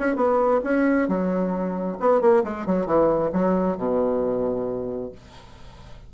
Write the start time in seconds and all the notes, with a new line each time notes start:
0.00 C#4
0.16 B3
0.64 C#4
1.09 F#3
2.00 B3
2.22 A#3
2.44 G#3
2.66 F#3
2.87 E3
3.33 F#3
3.78 B2